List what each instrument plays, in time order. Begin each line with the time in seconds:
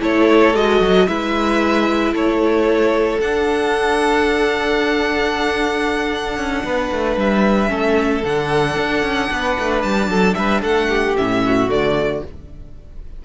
0.00 cello A3, viola E4, violin A4 C#5
0.55 cello G#3, viola F#4, violin D#5
0.81 cello F#3
1.08 cello G#3, viola E4, violin B4 E5
2.13 cello A3, violin A4 C#5
3.20 cello D4, viola D4, violin F#5
6.38 cello C#4
6.65 cello B3, violin B4
6.92 cello A3
7.17 cello G3, violin E5
7.68 cello A3, viola C#4, violin A4
8.25 cello D3, viola D4, violin F#5
8.77 cello D4
9.03 cello C#4
9.31 cello B3, violin B4
9.59 cello A3
9.82 cello G3, violin A5
10.08 cello F#3, violin A4
10.35 cello G3, violin B4 E5
10.62 cello A3, violin A4 F#5
10.89 violin G4
11.17 cello A2, viola C#4, violin E5
11.46 violin F#4
11.69 cello D3, viola A3, violin D5